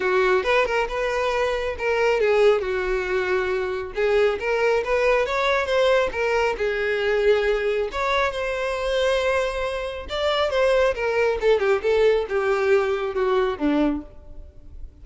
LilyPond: \new Staff \with { instrumentName = "violin" } { \time 4/4 \tempo 4 = 137 fis'4 b'8 ais'8 b'2 | ais'4 gis'4 fis'2~ | fis'4 gis'4 ais'4 b'4 | cis''4 c''4 ais'4 gis'4~ |
gis'2 cis''4 c''4~ | c''2. d''4 | c''4 ais'4 a'8 g'8 a'4 | g'2 fis'4 d'4 | }